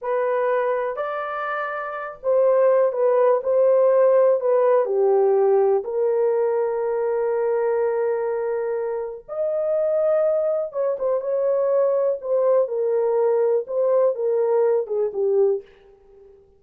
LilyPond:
\new Staff \with { instrumentName = "horn" } { \time 4/4 \tempo 4 = 123 b'2 d''2~ | d''8 c''4. b'4 c''4~ | c''4 b'4 g'2 | ais'1~ |
ais'2. dis''4~ | dis''2 cis''8 c''8 cis''4~ | cis''4 c''4 ais'2 | c''4 ais'4. gis'8 g'4 | }